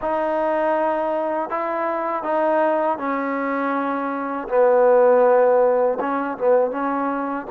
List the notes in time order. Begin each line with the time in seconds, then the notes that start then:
0.01 D#4
1.49 E4
2.23 D#4
2.98 C#4
4.48 B3
6.00 C#4
6.38 B3
6.71 C#4